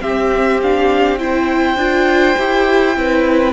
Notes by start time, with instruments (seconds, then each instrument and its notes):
0.00 viola C4, cello C4, violin G4 E5
0.63 viola D4, violin F5
1.19 viola E4, violin C5 G5
1.77 cello D4, viola F4
2.38 cello E4, viola G4
2.94 cello C4, viola E4, violin B4